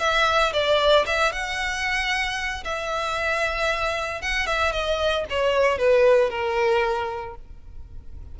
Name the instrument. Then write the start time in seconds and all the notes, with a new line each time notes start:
violin
0.00 E5
0.53 D5
1.06 E5
1.32 F#5
2.64 E5
4.22 F#5
4.47 E5
4.72 D#5
5.30 C#5
5.78 B4
6.30 A#4